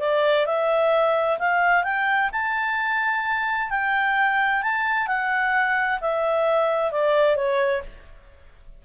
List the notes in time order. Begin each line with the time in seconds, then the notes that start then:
0.00 D5
0.46 E5
1.39 F5
1.84 G5
2.32 A5
3.70 G5
4.62 A5
5.07 F#5
6.01 E5
6.92 D5
7.36 C#5